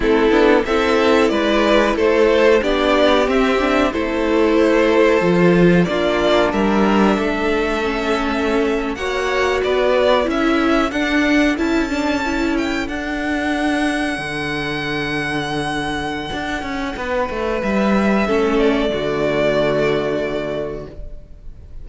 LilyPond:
<<
  \new Staff \with { instrumentName = "violin" } { \time 4/4 \tempo 4 = 92 a'4 e''4 d''4 c''4 | d''4 e''4 c''2~ | c''4 d''4 e''2~ | e''4.~ e''16 fis''4 d''4 e''16~ |
e''8. fis''4 a''4. g''8 fis''16~ | fis''1~ | fis''2. e''4~ | e''8 d''2.~ d''8 | }
  \new Staff \with { instrumentName = "violin" } { \time 4/4 e'4 a'4 b'4 a'4 | g'2 a'2~ | a'4 f'4 ais'4 a'4~ | a'4.~ a'16 cis''4 b'4 a'16~ |
a'1~ | a'1~ | a'2 b'2 | a'4 fis'2. | }
  \new Staff \with { instrumentName = "viola" } { \time 4/4 c'8 d'8 e'2. | d'4 c'8 d'8 e'2 | f'4 d'2. | cis'4.~ cis'16 fis'2 e'16~ |
e'8. d'4 e'8 d'8 e'4 d'16~ | d'1~ | d'1 | cis'4 a2. | }
  \new Staff \with { instrumentName = "cello" } { \time 4/4 a8 b8 c'4 gis4 a4 | b4 c'4 a2 | f4 ais4 g4 a4~ | a4.~ a16 ais4 b4 cis'16~ |
cis'8. d'4 cis'2 d'16~ | d'4.~ d'16 d2~ d16~ | d4 d'8 cis'8 b8 a8 g4 | a4 d2. | }
>>